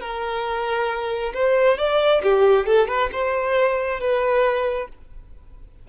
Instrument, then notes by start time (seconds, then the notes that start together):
violin
0.00 A#4
1.34 C5
1.77 D5
2.23 G4
2.66 A4
2.87 B4
3.12 C5
4.00 B4